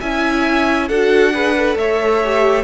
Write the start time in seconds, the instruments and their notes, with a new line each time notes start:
0.00 cello C#4, viola E4, violin E5 G#5
0.88 cello D4, viola F#4, violin A4 F#5
1.33 viola G#4, violin B4
1.57 viola A4
1.75 cello A3, violin C#5 E5
2.24 viola G4